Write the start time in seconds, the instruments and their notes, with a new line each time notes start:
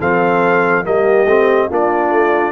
0.00 tuba F3, trombone C4, horn A4, trumpet F5
0.85 tuba G3, trombone A#3, horn G4, trumpet D#5
1.26 tuba A3, trombone C4
1.69 tuba A#3, trombone D4, horn F4, trumpet D5
2.11 tuba A3